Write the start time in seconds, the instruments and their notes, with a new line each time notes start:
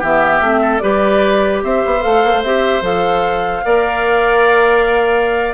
0.00 bassoon E3, clarinet B3, oboe G4, flute E5
0.41 bassoon A3, clarinet C4
0.62 oboe A4
0.79 bassoon G3, clarinet G4, oboe B4, flute D5
1.64 bassoon C4, oboe C5, flute E5
1.86 bassoon B3
2.01 bassoon A3, clarinet A4, flute F5
2.25 bassoon A#3
2.33 bassoon A3
2.44 bassoon C4, clarinet G4, flute E5
2.82 bassoon F3, clarinet A4, flute F5
3.65 bassoon A#3, clarinet A#4, oboe D5